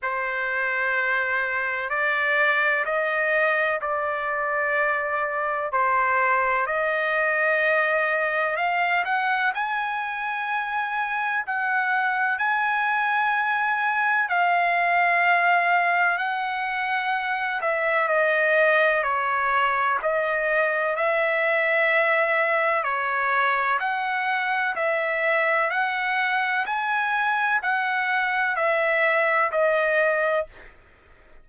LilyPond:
\new Staff \with { instrumentName = "trumpet" } { \time 4/4 \tempo 4 = 63 c''2 d''4 dis''4 | d''2 c''4 dis''4~ | dis''4 f''8 fis''8 gis''2 | fis''4 gis''2 f''4~ |
f''4 fis''4. e''8 dis''4 | cis''4 dis''4 e''2 | cis''4 fis''4 e''4 fis''4 | gis''4 fis''4 e''4 dis''4 | }